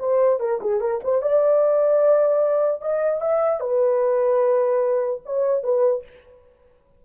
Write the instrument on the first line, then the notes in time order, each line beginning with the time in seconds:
horn
0.00 C5
0.40 A#4
0.62 G#4
0.81 A#4
1.04 C5
1.22 D5
2.82 D#5
3.22 E5
3.61 B4
5.26 C#5
5.64 B4